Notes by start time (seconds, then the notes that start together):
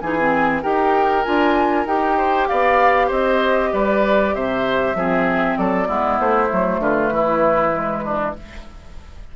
0.00 E3 D#4 G#4 G#5
0.19 C4
0.62 D#4 G4 A#4 G5
1.24 D4 F4 G#5
1.86 D#4 G4 G5
2.17 C5
2.48 B3 D5 F5
3.07 C4 C5 D#5
3.72 G3 B4 D5
4.34 C3 C5 E5
4.94 F3 C4 G#4
5.57 F#3 A4 D5
5.86 G#3 B3 E4
6.19 A3 C5
6.49 F#3 A3
6.79 D3 F4 B4
7.11 E3 E4
7.72 G#3
8.04 D4